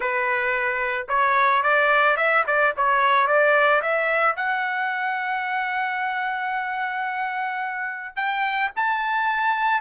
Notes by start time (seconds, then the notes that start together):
0.00 B4
1.08 C#5
1.62 D5
2.16 E5
2.46 D5
2.76 C#5
3.27 D5
3.82 E5
4.36 F#5
8.16 G5
8.76 A5